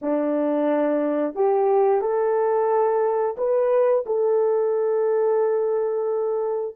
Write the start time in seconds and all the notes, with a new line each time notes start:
0.01 D4
1.35 G4
2.01 A4
3.37 B4
4.06 A4